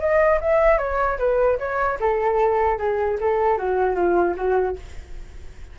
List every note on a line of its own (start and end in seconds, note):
0.00 0.40 D#5
0.41 0.78 E5
0.78 1.18 C#5
1.19 1.59 B4
1.59 1.99 C#5
2.00 2.78 A4
2.78 3.18 G#4
3.21 3.58 A4
3.58 3.96 F#4
3.96 4.36 F4
4.37 4.77 F#4